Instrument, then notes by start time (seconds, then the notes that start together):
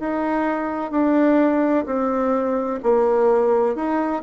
bassoon
0.00 D#4
0.91 D4
1.86 C4
2.83 A#3
3.75 D#4